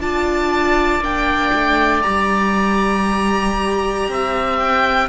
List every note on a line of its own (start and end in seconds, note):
0.00 1.00 D4
0.00 1.02 F4
0.00 4.09 D5
0.00 1.03 A5
1.00 1.51 A#3
1.00 2.04 D4
1.00 2.03 G5
1.54 2.05 A3
2.03 4.09 G3
2.03 5.09 G4
2.03 4.57 A#5
4.09 5.09 C4
4.09 5.09 E5
4.60 5.09 G5